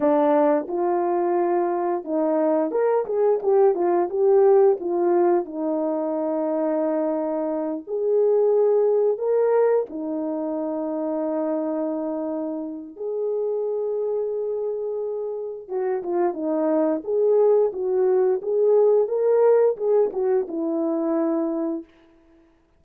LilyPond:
\new Staff \with { instrumentName = "horn" } { \time 4/4 \tempo 4 = 88 d'4 f'2 dis'4 | ais'8 gis'8 g'8 f'8 g'4 f'4 | dis'2.~ dis'8 gis'8~ | gis'4. ais'4 dis'4.~ |
dis'2. gis'4~ | gis'2. fis'8 f'8 | dis'4 gis'4 fis'4 gis'4 | ais'4 gis'8 fis'8 e'2 | }